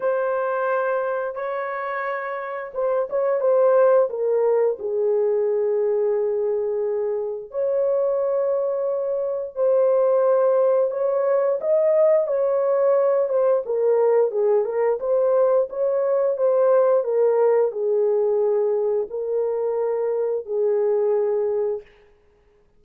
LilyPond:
\new Staff \with { instrumentName = "horn" } { \time 4/4 \tempo 4 = 88 c''2 cis''2 | c''8 cis''8 c''4 ais'4 gis'4~ | gis'2. cis''4~ | cis''2 c''2 |
cis''4 dis''4 cis''4. c''8 | ais'4 gis'8 ais'8 c''4 cis''4 | c''4 ais'4 gis'2 | ais'2 gis'2 | }